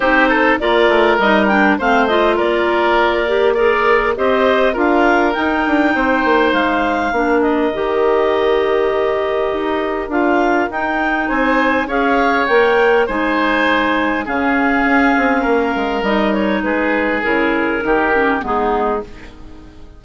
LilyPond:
<<
  \new Staff \with { instrumentName = "clarinet" } { \time 4/4 \tempo 4 = 101 c''4 d''4 dis''8 g''8 f''8 dis''8 | d''2 ais'4 dis''4 | f''4 g''2 f''4~ | f''8 dis''2.~ dis''8~ |
dis''4 f''4 g''4 gis''4 | f''4 g''4 gis''2 | f''2. dis''8 cis''8 | b'4 ais'2 gis'4 | }
  \new Staff \with { instrumentName = "oboe" } { \time 4/4 g'8 a'8 ais'2 c''4 | ais'2 d''4 c''4 | ais'2 c''2 | ais'1~ |
ais'2. c''4 | cis''2 c''2 | gis'2 ais'2 | gis'2 g'4 dis'4 | }
  \new Staff \with { instrumentName = "clarinet" } { \time 4/4 dis'4 f'4 dis'8 d'8 c'8 f'8~ | f'4. g'8 gis'4 g'4 | f'4 dis'2. | d'4 g'2.~ |
g'4 f'4 dis'2 | gis'4 ais'4 dis'2 | cis'2. dis'4~ | dis'4 e'4 dis'8 cis'8 b4 | }
  \new Staff \with { instrumentName = "bassoon" } { \time 4/4 c'4 ais8 a8 g4 a4 | ais2. c'4 | d'4 dis'8 d'8 c'8 ais8 gis4 | ais4 dis2. |
dis'4 d'4 dis'4 c'4 | cis'4 ais4 gis2 | cis4 cis'8 c'8 ais8 gis8 g4 | gis4 cis4 dis4 gis4 | }
>>